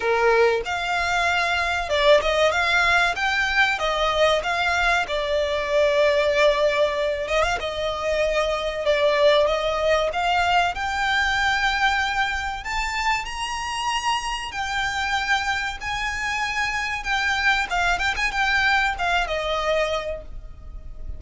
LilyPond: \new Staff \with { instrumentName = "violin" } { \time 4/4 \tempo 4 = 95 ais'4 f''2 d''8 dis''8 | f''4 g''4 dis''4 f''4 | d''2.~ d''8 dis''16 f''16 | dis''2 d''4 dis''4 |
f''4 g''2. | a''4 ais''2 g''4~ | g''4 gis''2 g''4 | f''8 g''16 gis''16 g''4 f''8 dis''4. | }